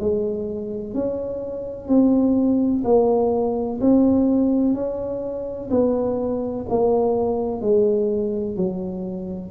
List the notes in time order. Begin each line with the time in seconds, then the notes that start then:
0.00 G#3
0.94 C#4
1.88 C4
2.84 A#3
3.81 C4
4.74 C#4
5.71 B3
6.70 A#3
7.61 G#3
8.57 F#3